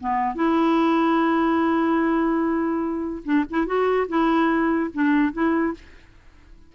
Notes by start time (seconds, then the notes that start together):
0.00 B3
0.35 E4
3.25 D4
3.50 E4
3.66 F#4
4.09 E4
4.94 D4
5.33 E4